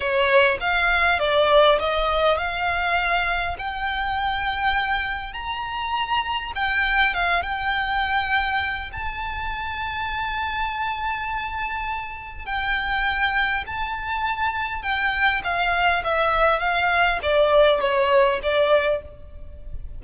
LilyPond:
\new Staff \with { instrumentName = "violin" } { \time 4/4 \tempo 4 = 101 cis''4 f''4 d''4 dis''4 | f''2 g''2~ | g''4 ais''2 g''4 | f''8 g''2~ g''8 a''4~ |
a''1~ | a''4 g''2 a''4~ | a''4 g''4 f''4 e''4 | f''4 d''4 cis''4 d''4 | }